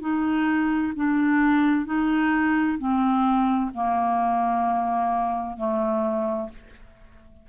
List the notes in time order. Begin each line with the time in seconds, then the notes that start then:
0.00 D#4
0.95 D4
1.85 D#4
2.78 C4
3.73 A#3
5.57 A3